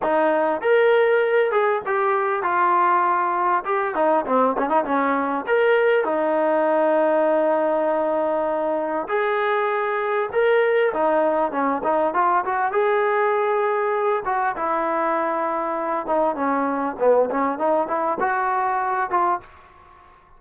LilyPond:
\new Staff \with { instrumentName = "trombone" } { \time 4/4 \tempo 4 = 99 dis'4 ais'4. gis'8 g'4 | f'2 g'8 dis'8 c'8 cis'16 dis'16 | cis'4 ais'4 dis'2~ | dis'2. gis'4~ |
gis'4 ais'4 dis'4 cis'8 dis'8 | f'8 fis'8 gis'2~ gis'8 fis'8 | e'2~ e'8 dis'8 cis'4 | b8 cis'8 dis'8 e'8 fis'4. f'8 | }